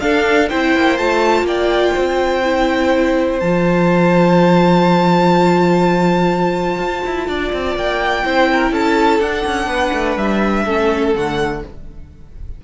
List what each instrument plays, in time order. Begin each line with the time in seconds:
0.00 viola D4, cello D4, violin A4 F5
0.49 cello C4, viola E4, violin C5 G5
0.76 cello A#3
0.98 cello A3, viola F4, violin A5
1.43 cello A#3, violin D5 G5
1.94 cello C4, violin C5
2.44 viola E4
3.40 cello F3, viola F4, violin A5
6.78 cello F4
7.06 cello E4
7.28 cello D4, violin D5
7.53 cello C4
7.76 cello A#3, violin G5
8.24 cello C4, viola E4, violin C5
8.53 violin A#4
8.71 cello C#4, violin A4 A5
9.20 cello D4, viola D4, violin F#5
9.46 cello C#4
9.66 cello B3, violin B4
9.93 cello A3
10.17 cello G3, violin E5
10.65 cello A3, viola C#4, violin A4
11.14 cello D3, viola A3, violin F#5